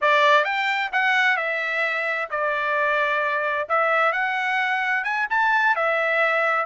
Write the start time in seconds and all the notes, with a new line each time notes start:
0.01 D5
0.44 G5
0.92 F#5
1.36 E5
2.30 D5
3.68 E5
4.12 F#5
5.04 G#5
5.30 A5
5.75 E5